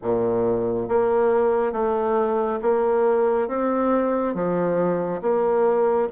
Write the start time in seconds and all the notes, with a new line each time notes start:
0.02 A#2
0.88 A#3
1.72 A3
2.61 A#3
3.47 C4
4.34 F3
5.21 A#3